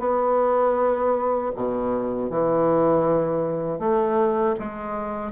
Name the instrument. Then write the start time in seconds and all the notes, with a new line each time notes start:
bassoon
0.00 B3
1.55 B2
2.30 E3
3.80 A3
4.60 G#3